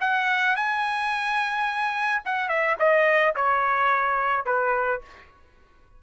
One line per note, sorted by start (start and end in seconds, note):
0.00 0.56 F#5
0.56 2.22 G#5
2.25 2.48 F#5
2.48 2.76 E5
2.79 3.35 D#5
3.35 4.45 C#5
4.45 5.01 B4